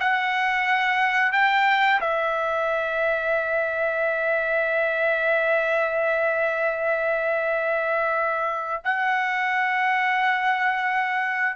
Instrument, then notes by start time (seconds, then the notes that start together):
trumpet
0.00 F#5
1.32 G5
2.01 E5
8.85 F#5